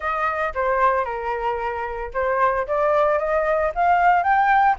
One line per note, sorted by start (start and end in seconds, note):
0.00 0.53 D#5
0.54 1.05 C5
1.05 2.11 A#4
2.13 2.66 C5
2.67 3.18 D5
3.18 3.71 D#5
3.74 4.23 F5
4.23 4.76 G5